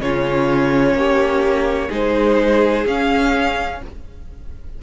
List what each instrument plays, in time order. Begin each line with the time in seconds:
0.00 cello C#3, viola C#4, violin F4 C#5
0.94 cello A#3, violin G4
1.88 cello G#3, viola D#4, violin G#4 C5
2.86 cello C#4, viola C#4, violin F5